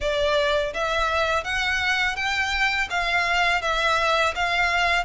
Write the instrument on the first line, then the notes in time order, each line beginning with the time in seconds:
violin
0.00 D5
0.73 E5
1.44 F#5
2.16 G5
2.90 F5
3.61 E5
4.35 F5